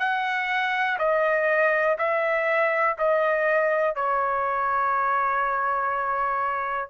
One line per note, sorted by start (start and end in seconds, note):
0.00 0.98 F#5
0.99 1.98 D#5
1.99 2.97 E5
2.99 3.96 D#5
3.96 6.90 C#5